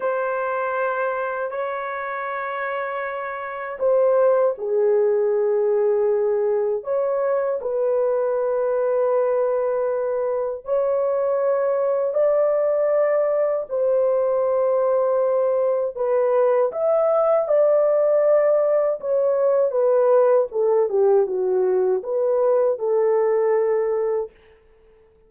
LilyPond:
\new Staff \with { instrumentName = "horn" } { \time 4/4 \tempo 4 = 79 c''2 cis''2~ | cis''4 c''4 gis'2~ | gis'4 cis''4 b'2~ | b'2 cis''2 |
d''2 c''2~ | c''4 b'4 e''4 d''4~ | d''4 cis''4 b'4 a'8 g'8 | fis'4 b'4 a'2 | }